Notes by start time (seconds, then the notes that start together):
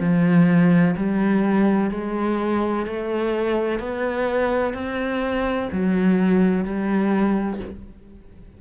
0.00 F3
0.97 G3
1.91 G#3
2.86 A3
3.80 B3
4.74 C4
5.72 F#3
6.65 G3